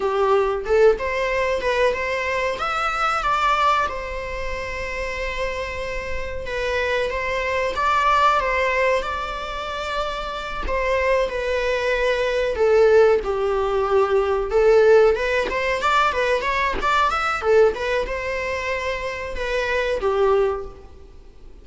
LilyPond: \new Staff \with { instrumentName = "viola" } { \time 4/4 \tempo 4 = 93 g'4 a'8 c''4 b'8 c''4 | e''4 d''4 c''2~ | c''2 b'4 c''4 | d''4 c''4 d''2~ |
d''8 c''4 b'2 a'8~ | a'8 g'2 a'4 b'8 | c''8 d''8 b'8 cis''8 d''8 e''8 a'8 b'8 | c''2 b'4 g'4 | }